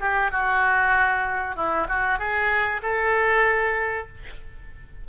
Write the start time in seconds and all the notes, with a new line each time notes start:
0.00 G4
0.31 F#4
1.56 E4
1.88 F#4
2.19 G#4
2.82 A4